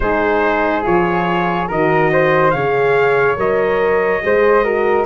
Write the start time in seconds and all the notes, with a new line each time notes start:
0.00 G#3 D#4 G#4 C5
0.83 F3 F4 C#5
1.68 D#3 F#4 A#4 D#5
2.12 C5
2.51 C#3 G#4 C#5 F5
3.36 F#3 A#4 D#5
4.22 G#3 G#4 C5
4.64 F#4 A#4